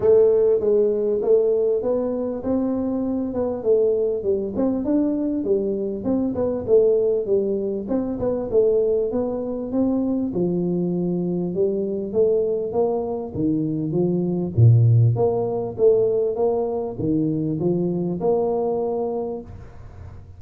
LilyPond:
\new Staff \with { instrumentName = "tuba" } { \time 4/4 \tempo 4 = 99 a4 gis4 a4 b4 | c'4. b8 a4 g8 c'8 | d'4 g4 c'8 b8 a4 | g4 c'8 b8 a4 b4 |
c'4 f2 g4 | a4 ais4 dis4 f4 | ais,4 ais4 a4 ais4 | dis4 f4 ais2 | }